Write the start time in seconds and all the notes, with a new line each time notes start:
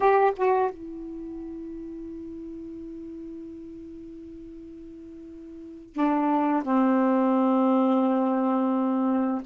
0.00 G4
0.36 F#4
0.70 E4
5.93 D4
6.62 C4